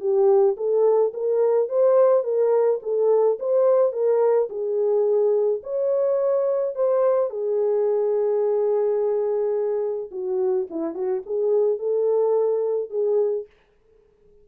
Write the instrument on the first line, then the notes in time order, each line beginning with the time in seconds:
horn
0.00 G4
0.57 A4
1.14 A#4
1.69 C5
2.24 A#4
2.82 A4
3.39 C5
3.93 A#4
4.50 G#4
5.63 C#5
6.75 C5
7.30 G#4
10.11 F#4
10.70 E4
10.94 F#4
11.26 G#4
11.79 A4
12.90 G#4